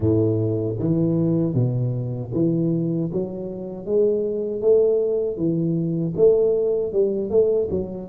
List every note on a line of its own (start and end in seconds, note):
0.00 0.76 A2
0.79 1.53 E3
1.53 2.30 B2
2.33 3.10 E3
3.12 3.85 F#3
3.85 4.61 G#3
4.61 5.36 A3
5.36 6.13 E3
6.16 6.92 A3
6.92 7.30 G3
7.30 7.68 A3
7.70 8.08 F#3